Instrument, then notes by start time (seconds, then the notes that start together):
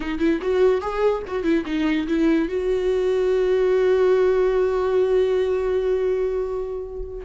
viola
0.00 D#4
0.18 E4
0.41 F#4
0.81 G#4
1.27 F#4
1.43 E4
1.65 D#4
2.07 E4
2.48 F#4